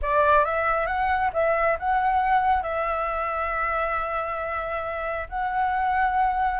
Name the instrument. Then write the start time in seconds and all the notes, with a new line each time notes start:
flute
0.01 D5
0.45 E5
0.86 F#5
1.33 E5
1.79 F#5
2.62 E5
5.29 F#5